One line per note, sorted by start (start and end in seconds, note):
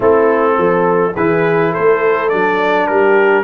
0.00 0.57 A3
0.00 1.12 C4
0.00 0.54 E4
0.00 1.15 A4
0.57 1.15 F3
0.57 1.13 A4
1.13 1.74 E3
1.13 2.30 E4
1.13 1.71 G#4
1.13 1.73 B4
1.71 2.86 A4
1.71 2.29 C5
1.77 2.32 A3
2.29 2.88 F#3
2.29 3.43 D4
2.29 2.86 D5
2.86 3.43 G3
2.86 3.43 G4
2.86 3.43 A#4